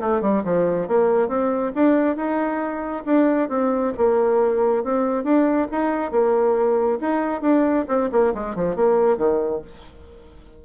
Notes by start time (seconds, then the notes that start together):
0.00 A3
0.21 G3
0.44 F3
0.88 A#3
1.28 C4
1.75 D4
2.16 D#4
3.05 D4
3.49 C4
3.97 A#3
4.84 C4
5.24 D4
5.71 D#4
6.11 A#3
7.00 D#4
7.41 D4
7.88 C4
8.12 A#3
8.34 G#3
8.55 F3
8.76 A#3
9.17 D#3